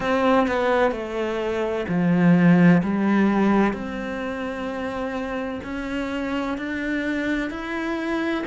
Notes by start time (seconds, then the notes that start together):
0.00 C4
0.47 B3
0.91 A3
1.88 F3
2.83 G3
3.73 C4
5.63 C#4
6.57 D4
7.50 E4